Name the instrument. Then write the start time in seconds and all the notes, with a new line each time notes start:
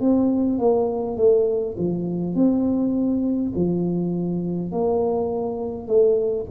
tuba
0.00 C4
0.58 A#3
1.17 A3
1.78 F3
2.35 C4
3.55 F3
4.72 A#3
5.87 A3